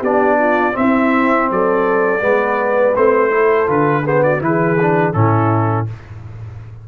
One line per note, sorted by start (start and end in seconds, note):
0.00 0.74 B3
0.00 0.73 D4
0.00 0.37 G4
0.00 0.77 D5
0.39 0.76 F4
0.73 2.19 C4
0.73 1.51 C4
0.73 1.50 E5
0.80 1.52 E4
1.51 2.22 F#3
1.51 2.23 A4
1.51 2.96 D5
2.19 2.95 G#3
2.19 2.93 B3
2.19 3.33 B4
2.95 3.69 A3
2.95 3.30 C4
2.95 3.69 C5
3.30 3.66 E4
3.30 4.04 A4
3.66 4.41 D3
3.66 4.03 F4
3.66 4.07 B4
4.04 4.40 B3
4.04 4.22 G#4
4.04 4.23 C5
4.23 4.43 F#4
4.23 4.41 D5
4.40 5.14 E3
4.40 4.77 E4
4.40 5.14 G#4
4.40 5.13 B4
4.81 5.14 D4
5.13 5.88 A2
5.13 5.87 C#4
5.13 5.88 E4
5.13 5.86 A4